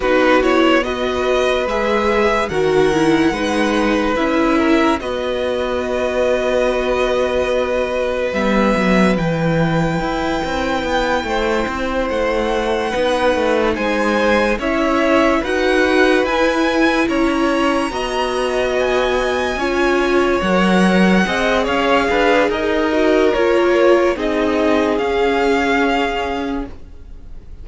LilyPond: <<
  \new Staff \with { instrumentName = "violin" } { \time 4/4 \tempo 4 = 72 b'8 cis''8 dis''4 e''4 fis''4~ | fis''4 e''4 dis''2~ | dis''2 e''4 g''4~ | g''2~ g''8 fis''4.~ |
fis''8 gis''4 e''4 fis''4 gis''8~ | gis''8 ais''2 gis''4.~ | gis''8 fis''4. f''4 dis''4 | cis''4 dis''4 f''2 | }
  \new Staff \with { instrumentName = "violin" } { \time 4/4 fis'4 b'2 ais'4 | b'4. ais'8 b'2~ | b'1~ | b'4. c''2 b'8~ |
b'8 c''4 cis''4 b'4.~ | b'8 cis''4 dis''2 cis''8~ | cis''4. dis''8 cis''8 b'8 ais'4~ | ais'4 gis'2. | }
  \new Staff \with { instrumentName = "viola" } { \time 4/4 dis'8 e'8 fis'4 gis'4 fis'8 e'8 | dis'4 e'4 fis'2~ | fis'2 b4 e'4~ | e'2.~ e'8 dis'8~ |
dis'4. e'4 fis'4 e'8~ | e'4. fis'2 f'8~ | f'8 ais'4 gis'2 fis'8 | f'4 dis'4 cis'2 | }
  \new Staff \with { instrumentName = "cello" } { \time 4/4 b2 gis4 dis4 | gis4 cis'4 b2~ | b2 g8 fis8 e4 | e'8 c'8 b8 a8 c'8 a4 b8 |
a8 gis4 cis'4 dis'4 e'8~ | e'8 cis'4 b2 cis'8~ | cis'8 fis4 c'8 cis'8 d'8 dis'4 | ais4 c'4 cis'2 | }
>>